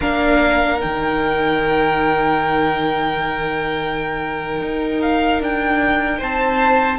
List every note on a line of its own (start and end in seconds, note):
0.00 0.82 A#3
0.00 0.78 D4
0.00 6.18 A#4
0.00 0.81 F5
0.78 4.61 D#3
0.78 6.98 D#4
0.78 5.00 G5
4.61 5.40 D#4
5.01 5.41 F5
5.40 6.20 D4
5.40 6.22 G5
6.18 6.98 C4
6.18 6.98 C5
6.18 6.98 A5